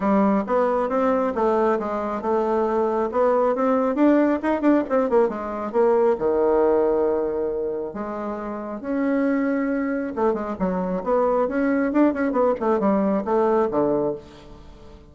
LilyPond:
\new Staff \with { instrumentName = "bassoon" } { \time 4/4 \tempo 4 = 136 g4 b4 c'4 a4 | gis4 a2 b4 | c'4 d'4 dis'8 d'8 c'8 ais8 | gis4 ais4 dis2~ |
dis2 gis2 | cis'2. a8 gis8 | fis4 b4 cis'4 d'8 cis'8 | b8 a8 g4 a4 d4 | }